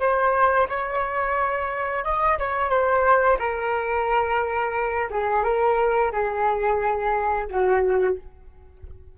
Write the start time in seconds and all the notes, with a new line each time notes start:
0.00 C5
0.69 C#5
2.04 D#5
2.39 C#5
2.70 C5
3.39 A#4
5.11 G#4
5.44 A#4
6.12 G#4
7.48 F#4